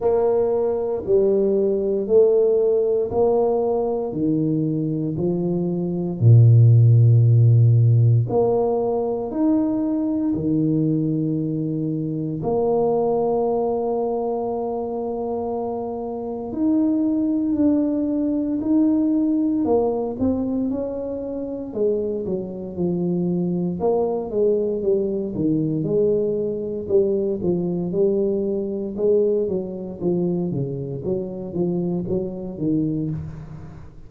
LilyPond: \new Staff \with { instrumentName = "tuba" } { \time 4/4 \tempo 4 = 58 ais4 g4 a4 ais4 | dis4 f4 ais,2 | ais4 dis'4 dis2 | ais1 |
dis'4 d'4 dis'4 ais8 c'8 | cis'4 gis8 fis8 f4 ais8 gis8 | g8 dis8 gis4 g8 f8 g4 | gis8 fis8 f8 cis8 fis8 f8 fis8 dis8 | }